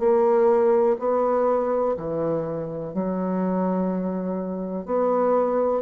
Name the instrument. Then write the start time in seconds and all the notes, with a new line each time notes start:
bassoon
0.00 A#3
0.99 B3
1.98 E3
2.94 F#3
4.86 B3